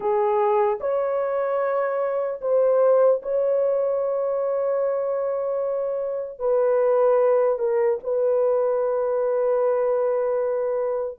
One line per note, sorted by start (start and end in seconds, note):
0.00 0.78 G#4
0.80 2.40 C#5
2.41 3.21 C5
3.22 6.39 C#5
6.39 7.59 B4
7.59 7.99 A#4
8.03 11.18 B4